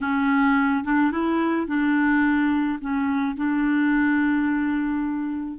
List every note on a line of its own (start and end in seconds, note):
0.00 0.84 C#4
0.84 1.11 D4
1.11 1.67 E4
1.67 2.79 D4
2.81 3.36 C#4
3.36 5.59 D4